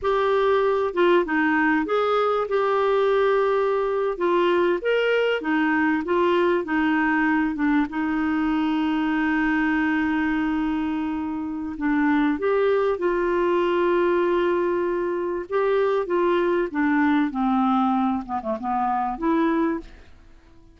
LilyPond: \new Staff \with { instrumentName = "clarinet" } { \time 4/4 \tempo 4 = 97 g'4. f'8 dis'4 gis'4 | g'2~ g'8. f'4 ais'16~ | ais'8. dis'4 f'4 dis'4~ dis'16~ | dis'16 d'8 dis'2.~ dis'16~ |
dis'2. d'4 | g'4 f'2.~ | f'4 g'4 f'4 d'4 | c'4. b16 a16 b4 e'4 | }